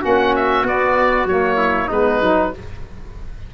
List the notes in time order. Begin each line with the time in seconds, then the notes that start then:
0.00 A#3 C#4 F#4 F#5
0.35 E5
0.62 B3 D5
1.25 F#3 A#3 C#5
1.57 E4
1.87 G#3 B3 D#4 B4
2.21 F#3 D#4